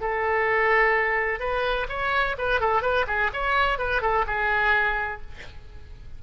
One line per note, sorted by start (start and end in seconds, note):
0.00 1.39 A4
1.39 1.87 B4
1.88 2.36 C#5
2.38 2.60 B4
2.60 2.82 A4
2.82 3.05 B4
3.07 3.30 G#4
3.33 3.78 C#5
3.78 4.01 B4
4.01 4.25 A4
4.26 5.21 G#4